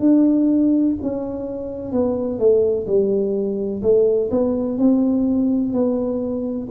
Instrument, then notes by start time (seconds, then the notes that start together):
tuba
0.00 D4
1.03 C#4
1.93 B3
2.39 A3
2.87 G3
3.83 A3
4.31 B3
4.78 C4
5.73 B3